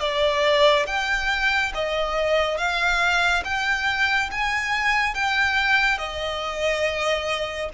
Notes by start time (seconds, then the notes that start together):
0.00 D5
0.86 G5
1.74 D#5
2.57 F5
3.44 G5
4.31 G#5
5.14 G5
5.98 D#5